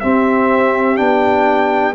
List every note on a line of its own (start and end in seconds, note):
0.00 0.97 C4
0.00 0.99 C4
0.00 1.95 G4
0.00 0.97 E5
0.97 1.95 B3
0.97 1.93 D4
0.97 1.94 G5